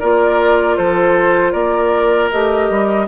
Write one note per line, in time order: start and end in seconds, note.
0.00 0.79 A#3
0.00 2.32 F4
0.00 0.77 A#4
0.00 0.77 D5
0.77 1.54 F3
0.77 1.53 A4
0.77 1.53 C5
1.53 2.31 A#3
1.53 3.07 A#4
1.53 2.30 D5
2.31 2.70 A3
2.31 3.08 G4
2.31 3.08 D#5
2.70 3.08 G3